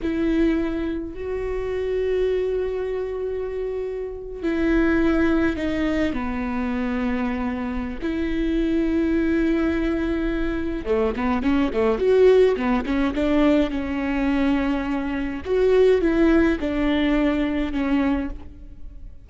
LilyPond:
\new Staff \with { instrumentName = "viola" } { \time 4/4 \tempo 4 = 105 e'2 fis'2~ | fis'2.~ fis'8. e'16~ | e'4.~ e'16 dis'4 b4~ b16~ | b2 e'2~ |
e'2. a8 b8 | cis'8 a8 fis'4 b8 cis'8 d'4 | cis'2. fis'4 | e'4 d'2 cis'4 | }